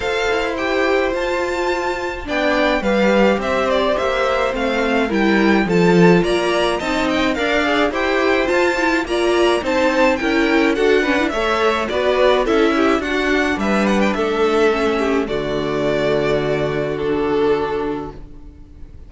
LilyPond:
<<
  \new Staff \with { instrumentName = "violin" } { \time 4/4 \tempo 4 = 106 f''4 g''4 a''2 | g''4 f''4 e''8 d''8 e''4 | f''4 g''4 a''4 ais''4 | a''8 g''8 f''4 g''4 a''4 |
ais''4 a''4 g''4 fis''4 | e''4 d''4 e''4 fis''4 | e''8 fis''16 g''16 e''2 d''4~ | d''2 a'2 | }
  \new Staff \with { instrumentName = "violin" } { \time 4/4 c''1 | d''4 b'4 c''2~ | c''4 ais'4 a'4 d''4 | dis''4 d''4 c''2 |
d''4 c''4 ais'4 a'8 b'8 | cis''4 b'4 a'8 g'8 fis'4 | b'4 a'4. g'8 fis'4~ | fis'1 | }
  \new Staff \with { instrumentName = "viola" } { \time 4/4 a'4 g'4 f'2 | d'4 g'2. | c'4 e'4 f'2 | dis'4 ais'8 gis'8 g'4 f'8 e'8 |
f'4 dis'4 e'4 fis'8 cis'16 e16 | a'4 fis'4 e'4 d'4~ | d'2 cis'4 a4~ | a2 d'2 | }
  \new Staff \with { instrumentName = "cello" } { \time 4/4 f'8 e'4. f'2 | b4 g4 c'4 ais4 | a4 g4 f4 ais4 | c'4 d'4 e'4 f'4 |
ais4 c'4 cis'4 d'4 | a4 b4 cis'4 d'4 | g4 a2 d4~ | d1 | }
>>